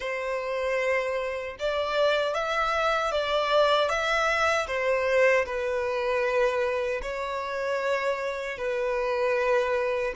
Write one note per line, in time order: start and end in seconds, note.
0.00 1.56 C5
1.59 2.34 D5
2.34 3.11 E5
3.11 3.89 D5
3.89 4.66 E5
4.67 5.45 C5
5.45 7.01 B4
7.02 8.57 C#5
8.57 10.13 B4